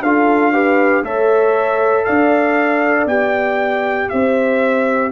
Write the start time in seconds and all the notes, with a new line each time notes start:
0.00 D4 F4 A4 F5
0.52 G4 B4
1.03 A3 A4 C#5 E5
2.05 D4 D5 F5
3.06 B3 G4 G5
4.09 C4 C5 E5